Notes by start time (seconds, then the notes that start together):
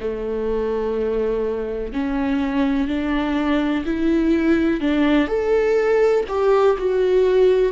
0.00 A3
1.93 C#4
2.88 D4
3.85 E4
4.80 D4
5.28 A4
6.29 G4
6.78 F#4